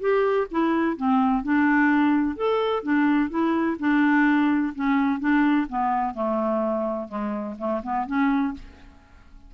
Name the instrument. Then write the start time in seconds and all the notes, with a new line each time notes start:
clarinet
0.00 G4
0.51 E4
0.97 C4
1.43 D4
2.36 A4
2.83 D4
3.30 E4
3.79 D4
4.75 C#4
5.20 D4
5.69 B3
6.15 A3
7.08 G#3
7.58 A3
7.83 B3
8.07 C#4